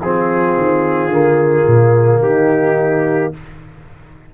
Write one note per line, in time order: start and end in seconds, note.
0.00 0.56 F3
0.00 1.12 C4
0.00 2.23 F4
0.00 2.22 G#4
0.57 1.08 D#3
1.08 1.64 D3
1.08 3.34 A#3
1.67 2.20 A#2
2.20 3.31 D#3
2.20 3.34 D#4
2.20 3.33 G4